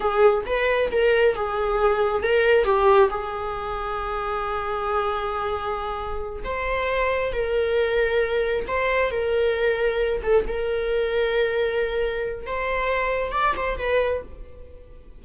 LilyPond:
\new Staff \with { instrumentName = "viola" } { \time 4/4 \tempo 4 = 135 gis'4 b'4 ais'4 gis'4~ | gis'4 ais'4 g'4 gis'4~ | gis'1~ | gis'2~ gis'8 c''4.~ |
c''8 ais'2. c''8~ | c''8 ais'2~ ais'8 a'8 ais'8~ | ais'1 | c''2 d''8 c''8 b'4 | }